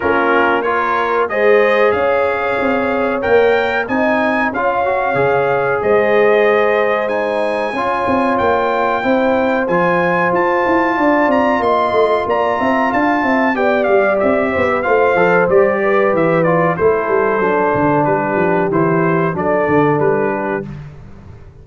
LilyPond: <<
  \new Staff \with { instrumentName = "trumpet" } { \time 4/4 \tempo 4 = 93 ais'4 cis''4 dis''4 f''4~ | f''4 g''4 gis''4 f''4~ | f''4 dis''2 gis''4~ | gis''4 g''2 gis''4 |
a''4. ais''8 c'''4 ais''4 | a''4 g''8 f''8 e''4 f''4 | d''4 e''8 d''8 c''2 | b'4 c''4 d''4 b'4 | }
  \new Staff \with { instrumentName = "horn" } { \time 4/4 f'4 ais'4 c''4 cis''4~ | cis''2 dis''4 cis''4~ | cis''4 c''2. | cis''2 c''2~ |
c''4 d''4 dis''4 d''8 e''8 | f''8 e''8 d''4. c''16 b'16 c''4~ | c''8 b'4. a'2 | g'2 a'4. g'8 | }
  \new Staff \with { instrumentName = "trombone" } { \time 4/4 cis'4 f'4 gis'2~ | gis'4 ais'4 dis'4 f'8 fis'8 | gis'2. dis'4 | f'2 e'4 f'4~ |
f'1~ | f'4 g'2 f'8 a'8 | g'4. f'8 e'4 d'4~ | d'4 e'4 d'2 | }
  \new Staff \with { instrumentName = "tuba" } { \time 4/4 ais2 gis4 cis'4 | c'4 ais4 c'4 cis'4 | cis4 gis2. | cis'8 c'8 ais4 c'4 f4 |
f'8 e'8 d'8 c'8 ais8 a8 ais8 c'8 | d'8 c'8 b8 g8 c'8 b8 a8 f8 | g4 e4 a8 g8 fis8 d8 | g8 f8 e4 fis8 d8 g4 | }
>>